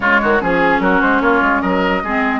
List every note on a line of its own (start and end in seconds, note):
0.00 0.20 C#3
0.00 0.39 G#3
0.00 0.21 F4
0.00 0.40 C#5
0.21 0.42 D#3
0.21 0.42 F#4
0.40 0.79 F3
0.40 2.02 C#4
0.40 0.80 G#4
0.40 0.82 G#4
0.79 0.99 F#3
0.79 1.22 F#4
0.79 1.00 A#4
1.00 1.20 G#3
1.00 1.21 C5
1.20 1.41 A#3
1.20 1.62 F4
1.20 1.61 C#5
1.41 1.61 G#3
1.61 2.03 F#3
1.61 2.02 A#4
1.61 2.40 D#5
2.03 2.40 G#3
2.03 2.40 C4
2.03 2.40 G#4